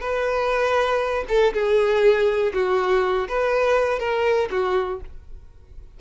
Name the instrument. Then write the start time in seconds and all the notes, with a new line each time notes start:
violin
0.00 B4
1.28 A4
1.53 G#4
2.53 F#4
3.28 B4
3.99 A#4
4.50 F#4